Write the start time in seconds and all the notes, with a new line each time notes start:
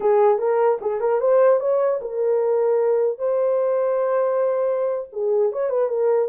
0.00 G#4
0.38 A#4
0.81 G#4
1.00 A#4
1.20 C5
1.60 C#5
2.01 A#4
3.18 C5
5.12 G#4
5.52 C#5
5.69 B4
5.89 A#4